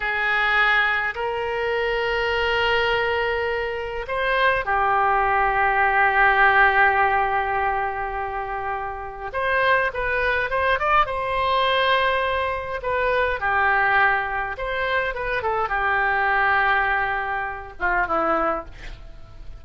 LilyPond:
\new Staff \with { instrumentName = "oboe" } { \time 4/4 \tempo 4 = 103 gis'2 ais'2~ | ais'2. c''4 | g'1~ | g'1 |
c''4 b'4 c''8 d''8 c''4~ | c''2 b'4 g'4~ | g'4 c''4 b'8 a'8 g'4~ | g'2~ g'8 f'8 e'4 | }